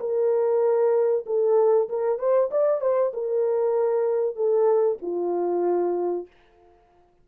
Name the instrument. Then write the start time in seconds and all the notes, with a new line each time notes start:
horn
0.00 A#4
1.26 A4
1.89 A#4
2.19 C5
2.51 D5
2.81 C5
3.13 A#4
4.36 A4
5.02 F4